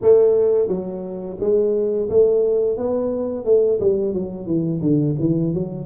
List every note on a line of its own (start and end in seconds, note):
0.01 0.68 A3
0.68 1.37 F#3
1.40 2.09 G#3
2.09 2.77 A3
2.77 3.44 B3
3.44 3.79 A3
3.80 4.13 G3
4.13 4.46 F#3
4.46 4.80 E3
4.81 5.15 D3
5.19 5.53 E3
5.53 5.85 F#3